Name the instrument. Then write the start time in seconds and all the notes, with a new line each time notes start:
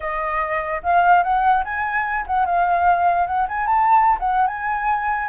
flute
0.00 D#5
0.82 F5
1.23 F#5
1.64 G#5
2.27 F#5
2.45 F5
3.27 F#5
3.48 G#5
3.66 A5
4.19 F#5
4.47 G#5